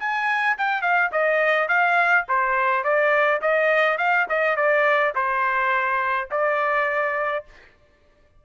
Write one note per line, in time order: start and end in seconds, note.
0.00 0.57 G#5
0.58 0.82 G5
0.82 1.11 F5
1.12 1.69 D#5
1.69 2.26 F5
2.28 2.84 C5
2.84 3.41 D5
3.42 3.98 D#5
3.98 4.27 F5
4.29 4.57 D#5
4.57 5.14 D5
5.15 6.30 C5
6.31 7.45 D5